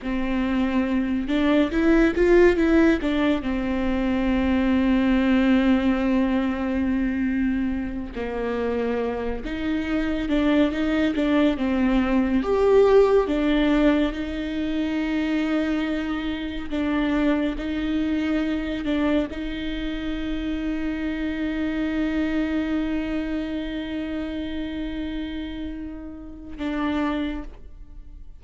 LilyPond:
\new Staff \with { instrumentName = "viola" } { \time 4/4 \tempo 4 = 70 c'4. d'8 e'8 f'8 e'8 d'8 | c'1~ | c'4. ais4. dis'4 | d'8 dis'8 d'8 c'4 g'4 d'8~ |
d'8 dis'2. d'8~ | d'8 dis'4. d'8 dis'4.~ | dis'1~ | dis'2. d'4 | }